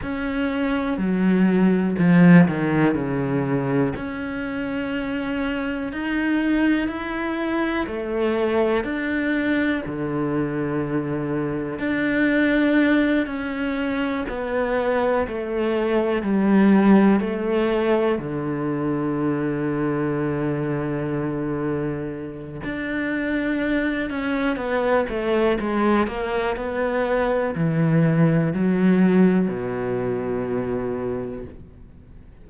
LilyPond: \new Staff \with { instrumentName = "cello" } { \time 4/4 \tempo 4 = 61 cis'4 fis4 f8 dis8 cis4 | cis'2 dis'4 e'4 | a4 d'4 d2 | d'4. cis'4 b4 a8~ |
a8 g4 a4 d4.~ | d2. d'4~ | d'8 cis'8 b8 a8 gis8 ais8 b4 | e4 fis4 b,2 | }